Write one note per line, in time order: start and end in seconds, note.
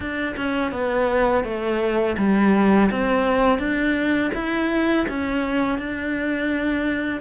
0.00 0.35 D4
0.36 0.71 C#4
0.71 1.44 B3
1.44 2.16 A3
2.17 2.89 G3
2.90 3.58 C4
3.58 4.31 D4
4.34 5.06 E4
5.08 5.78 C#4
5.78 7.21 D4